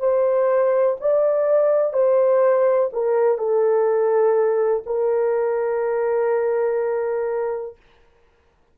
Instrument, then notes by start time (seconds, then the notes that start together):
horn
0.00 C5
1.01 D5
1.94 C5
2.93 A#4
3.38 A4
4.87 A#4